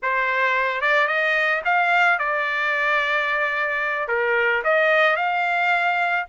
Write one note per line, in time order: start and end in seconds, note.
0.02 0.81 C5
0.81 1.07 D5
1.07 1.62 D#5
1.64 2.18 F5
2.18 4.08 D5
4.08 4.62 A#4
4.64 5.16 D#5
5.16 6.25 F5